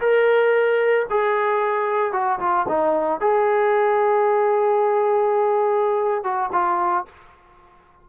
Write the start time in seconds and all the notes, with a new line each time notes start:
0.00 A#4
1.10 G#4
2.12 F#4
2.39 F4
2.68 D#4
3.20 G#4
6.23 F#4
6.52 F4